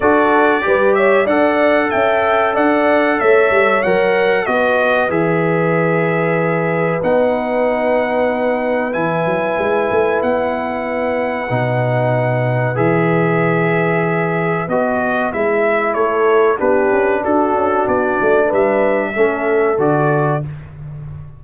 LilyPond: <<
  \new Staff \with { instrumentName = "trumpet" } { \time 4/4 \tempo 4 = 94 d''4. e''8 fis''4 g''4 | fis''4 e''4 fis''4 dis''4 | e''2. fis''4~ | fis''2 gis''2 |
fis''1 | e''2. dis''4 | e''4 cis''4 b'4 a'4 | d''4 e''2 d''4 | }
  \new Staff \with { instrumentName = "horn" } { \time 4/4 a'4 b'8 cis''8 d''4 e''4 | d''4 cis''2 b'4~ | b'1~ | b'1~ |
b'1~ | b'1~ | b'4 a'4 g'4 fis'4~ | fis'4 b'4 a'2 | }
  \new Staff \with { instrumentName = "trombone" } { \time 4/4 fis'4 g'4 a'2~ | a'2 ais'4 fis'4 | gis'2. dis'4~ | dis'2 e'2~ |
e'2 dis'2 | gis'2. fis'4 | e'2 d'2~ | d'2 cis'4 fis'4 | }
  \new Staff \with { instrumentName = "tuba" } { \time 4/4 d'4 g4 d'4 cis'4 | d'4 a8 g8 fis4 b4 | e2. b4~ | b2 e8 fis8 gis8 a8 |
b2 b,2 | e2. b4 | gis4 a4 b8 cis'8 d'8 cis'8 | b8 a8 g4 a4 d4 | }
>>